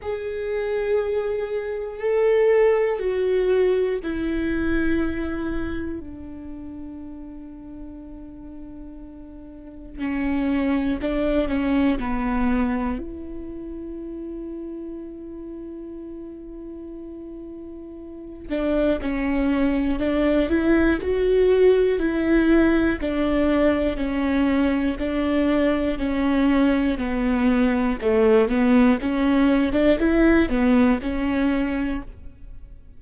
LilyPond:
\new Staff \with { instrumentName = "viola" } { \time 4/4 \tempo 4 = 60 gis'2 a'4 fis'4 | e'2 d'2~ | d'2 cis'4 d'8 cis'8 | b4 e'2.~ |
e'2~ e'8 d'8 cis'4 | d'8 e'8 fis'4 e'4 d'4 | cis'4 d'4 cis'4 b4 | a8 b8 cis'8. d'16 e'8 b8 cis'4 | }